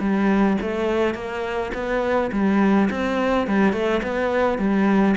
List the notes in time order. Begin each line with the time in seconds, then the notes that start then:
0.00 G3
0.61 A3
1.15 A#3
1.74 B3
2.32 G3
2.91 C4
3.47 G3
3.73 A3
4.03 B3
4.58 G3